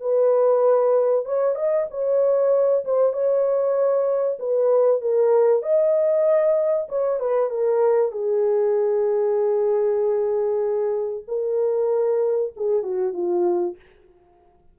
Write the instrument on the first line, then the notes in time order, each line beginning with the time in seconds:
horn
0.00 B4
1.25 C#5
1.55 D#5
1.90 C#5
2.85 C5
3.13 C#5
4.39 B4
5.01 A#4
5.62 D#5
6.89 C#5
7.20 B4
7.50 A#4
8.11 G#4
11.28 A#4
12.56 G#4
12.82 F#4
13.13 F4